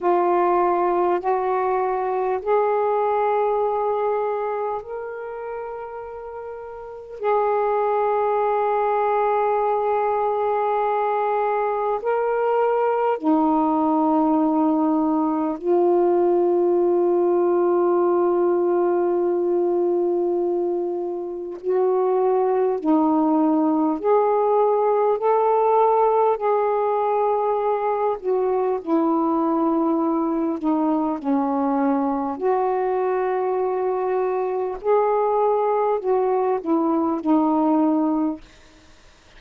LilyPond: \new Staff \with { instrumentName = "saxophone" } { \time 4/4 \tempo 4 = 50 f'4 fis'4 gis'2 | ais'2 gis'2~ | gis'2 ais'4 dis'4~ | dis'4 f'2.~ |
f'2 fis'4 dis'4 | gis'4 a'4 gis'4. fis'8 | e'4. dis'8 cis'4 fis'4~ | fis'4 gis'4 fis'8 e'8 dis'4 | }